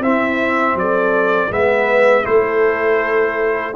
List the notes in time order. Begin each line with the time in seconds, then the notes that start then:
0.00 C4 E4 E5
0.75 F#3 A4 D5
1.49 G#3 B3 B4 E5
2.24 A3 E4 A4 C5